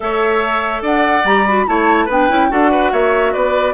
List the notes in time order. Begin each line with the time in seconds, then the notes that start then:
0.00 A3 A4 C#5 E5
0.82 D4 D5 F#5
1.24 G3 G4 A#5
1.46 F#4 B5
1.66 A3 E4 C#5 A5
2.05 B3 D4 B4
2.11 G5
2.29 C#4 E4
2.49 D4 F#4 A4 F#5
2.70 B4
2.92 A#3 C#5 E5
3.32 B3 B4 D5